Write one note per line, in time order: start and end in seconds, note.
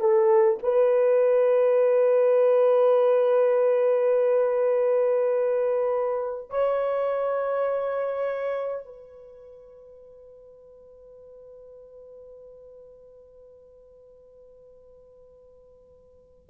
0.00 0.59 A4
0.63 6.50 B4
6.50 8.85 C#5
8.86 16.50 B4